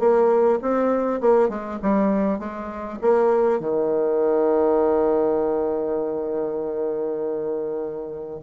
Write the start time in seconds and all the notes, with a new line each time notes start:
0.00 A#3
0.62 C4
1.21 A#3
1.49 G#3
1.83 G3
2.40 G#3
3.02 A#3
3.60 D#3